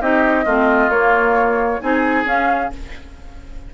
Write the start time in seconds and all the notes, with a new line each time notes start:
0.00 C4 D#4 G4 D#5
0.44 A3 C4 F4
0.89 A#3 C#5
1.80 C4 D#4 G#4 G#5
2.25 C#4 F5